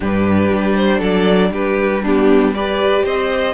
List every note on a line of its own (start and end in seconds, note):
0.00 0.51 G2
0.00 2.03 D4
0.00 0.98 G4
0.00 0.75 B4
0.51 1.00 G3
0.75 1.01 C5
0.98 1.50 F#3
0.98 1.49 A4
0.98 1.52 D5
1.50 3.03 G3
1.50 2.02 G4
1.50 2.04 B4
2.02 2.54 B3
2.02 2.53 D4
2.02 2.54 G4
2.54 3.54 G4
2.54 3.04 B4
2.54 3.05 D5
3.04 3.54 C4
3.04 3.54 C5
3.04 3.54 D#5